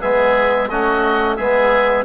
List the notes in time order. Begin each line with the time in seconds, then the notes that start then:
0.00 G#3 B3 G#4 E5
0.69 A3 C#4 F#4 D#5
1.36 G#3 B3 G#4 E5